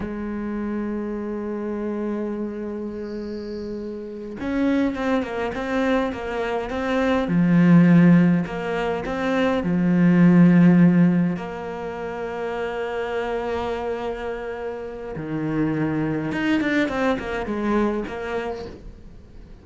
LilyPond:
\new Staff \with { instrumentName = "cello" } { \time 4/4 \tempo 4 = 103 gis1~ | gis2.~ gis8 cis'8~ | cis'8 c'8 ais8 c'4 ais4 c'8~ | c'8 f2 ais4 c'8~ |
c'8 f2. ais8~ | ais1~ | ais2 dis2 | dis'8 d'8 c'8 ais8 gis4 ais4 | }